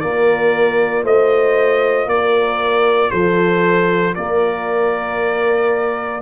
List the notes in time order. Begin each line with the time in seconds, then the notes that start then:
0.00 A#3 F4 A#4 D5
1.03 A3 C5 D#5
2.06 A#3 D5
2.12 A#4
3.10 F3 A4 C5
4.15 A#3 A#4 D5